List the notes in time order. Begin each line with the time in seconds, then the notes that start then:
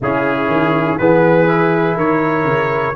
0.00 C#3 C#4 E4 G#4
0.48 D#3
0.98 E3 B3 G#4 B4
1.47 E4
1.96 D#3 A#4 C#5
2.44 C#3